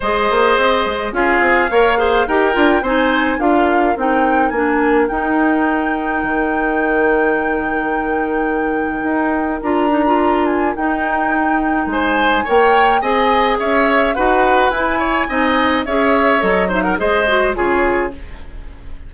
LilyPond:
<<
  \new Staff \with { instrumentName = "flute" } { \time 4/4 \tempo 4 = 106 dis''2 f''2 | g''4 gis''4 f''4 g''4 | gis''4 g''2.~ | g''1~ |
g''4 ais''4. gis''8 g''4~ | g''4 gis''4 g''4 gis''4 | e''4 fis''4 gis''2 | e''4 dis''8 e''16 fis''16 dis''4 cis''4 | }
  \new Staff \with { instrumentName = "oboe" } { \time 4/4 c''2 gis'4 cis''8 c''8 | ais'4 c''4 ais'2~ | ais'1~ | ais'1~ |
ais'1~ | ais'4 c''4 cis''4 dis''4 | cis''4 b'4. cis''8 dis''4 | cis''4. c''16 ais'16 c''4 gis'4 | }
  \new Staff \with { instrumentName = "clarinet" } { \time 4/4 gis'2 f'4 ais'8 gis'8 | g'8 f'8 dis'4 f'4 dis'4 | d'4 dis'2.~ | dis'1~ |
dis'4 f'8 dis'16 f'4~ f'16 dis'4~ | dis'2 ais'4 gis'4~ | gis'4 fis'4 e'4 dis'4 | gis'4 a'8 dis'8 gis'8 fis'8 f'4 | }
  \new Staff \with { instrumentName = "bassoon" } { \time 4/4 gis8 ais8 c'8 gis8 cis'8 c'8 ais4 | dis'8 d'8 c'4 d'4 c'4 | ais4 dis'2 dis4~ | dis1 |
dis'4 d'2 dis'4~ | dis'4 gis4 ais4 c'4 | cis'4 dis'4 e'4 c'4 | cis'4 fis4 gis4 cis4 | }
>>